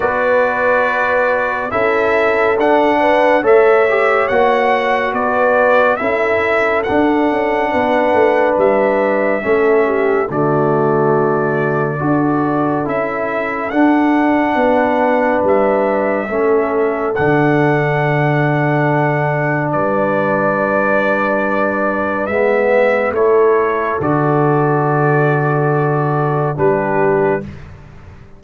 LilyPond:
<<
  \new Staff \with { instrumentName = "trumpet" } { \time 4/4 \tempo 4 = 70 d''2 e''4 fis''4 | e''4 fis''4 d''4 e''4 | fis''2 e''2 | d''2. e''4 |
fis''2 e''2 | fis''2. d''4~ | d''2 e''4 cis''4 | d''2. b'4 | }
  \new Staff \with { instrumentName = "horn" } { \time 4/4 b'2 a'4. b'8 | cis''2 b'4 a'4~ | a'4 b'2 a'8 g'8 | fis'2 a'2~ |
a'4 b'2 a'4~ | a'2. b'4~ | b'2. a'4~ | a'2. g'4 | }
  \new Staff \with { instrumentName = "trombone" } { \time 4/4 fis'2 e'4 d'4 | a'8 g'8 fis'2 e'4 | d'2. cis'4 | a2 fis'4 e'4 |
d'2. cis'4 | d'1~ | d'2 b4 e'4 | fis'2. d'4 | }
  \new Staff \with { instrumentName = "tuba" } { \time 4/4 b2 cis'4 d'4 | a4 ais4 b4 cis'4 | d'8 cis'8 b8 a8 g4 a4 | d2 d'4 cis'4 |
d'4 b4 g4 a4 | d2. g4~ | g2 gis4 a4 | d2. g4 | }
>>